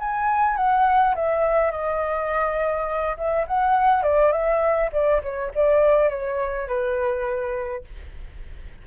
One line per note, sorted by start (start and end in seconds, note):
0.00 0.57 G#5
0.57 1.15 F#5
1.15 1.71 E5
1.71 3.17 D#5
3.17 3.46 E5
3.48 4.03 F#5
4.03 4.32 D5
4.32 4.91 E5
4.93 5.22 D5
5.23 5.52 C#5
5.55 6.10 D5
6.10 6.68 C#5
6.68 7.85 B4